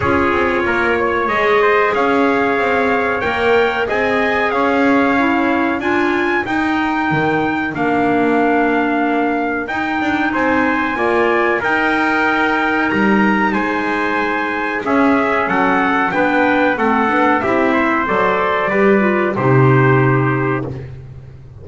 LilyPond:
<<
  \new Staff \with { instrumentName = "trumpet" } { \time 4/4 \tempo 4 = 93 cis''2 dis''4 f''4~ | f''4 g''4 gis''4 f''4~ | f''4 gis''4 g''2 | f''2. g''4 |
gis''2 g''2 | ais''4 gis''2 e''4 | fis''4 g''4 fis''4 e''4 | d''2 c''2 | }
  \new Staff \with { instrumentName = "trumpet" } { \time 4/4 gis'4 ais'8 cis''4 c''8 cis''4~ | cis''2 dis''4 cis''4~ | cis''4 ais'2.~ | ais'1 |
c''4 d''4 ais'2~ | ais'4 c''2 gis'4 | a'4 b'4 a'4 g'8 c''8~ | c''4 b'4 g'2 | }
  \new Staff \with { instrumentName = "clarinet" } { \time 4/4 f'2 gis'2~ | gis'4 ais'4 gis'2 | e'4 f'4 dis'2 | d'2. dis'4~ |
dis'4 f'4 dis'2~ | dis'2. cis'4~ | cis'4 d'4 c'8 d'8 e'4 | a'4 g'8 f'8 dis'2 | }
  \new Staff \with { instrumentName = "double bass" } { \time 4/4 cis'8 c'8 ais4 gis4 cis'4 | c'4 ais4 c'4 cis'4~ | cis'4 d'4 dis'4 dis4 | ais2. dis'8 d'8 |
c'4 ais4 dis'2 | g4 gis2 cis'4 | fis4 b4 a8 b8 c'4 | fis4 g4 c2 | }
>>